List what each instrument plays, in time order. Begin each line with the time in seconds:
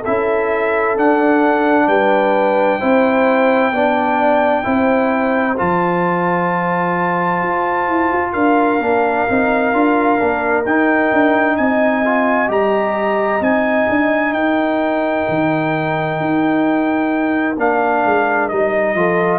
0.00 horn A4, trumpet E5
0.07 tuba C#4, trombone E4
0.97 trombone D4, tuba D4, trumpet F#5
1.87 tuba G3, horn B4, trumpet G5
2.80 tuba C4, trombone E4, horn C5
3.72 tuba B3, trombone D4, horn D5
4.64 tuba C4, trombone E4, horn C5
5.58 tuba F3, trombone F4, trumpet A5
7.43 tuba F4
7.89 tuba E4
8.13 tuba F4
8.33 tuba D4, horn A#4, trumpet F5
8.80 tuba A#3, trombone D4
9.28 tuba C4, trombone D#4
9.74 tuba D4, trombone F4
10.19 tuba A#3, trombone D4
10.66 tuba D#4, trombone D#4, trumpet G5
11.13 tuba D4
11.57 tuba C4, horn D#5, trumpet G#5
12.05 trombone F4
12.48 tuba G3, trombone G4, trumpet A#5
13.41 tuba C4, trombone D#4, trumpet G#5
13.89 tuba D4
14.33 tuba D#4, horn A#4, trumpet G5
15.29 tuba D#3
16.20 tuba D#4
17.58 tuba A#3, trombone D4, trumpet F5
18.05 tuba G#3
18.49 tuba G3, trombone D#4, trumpet D#5
18.95 tuba F3, trombone F4, horn A4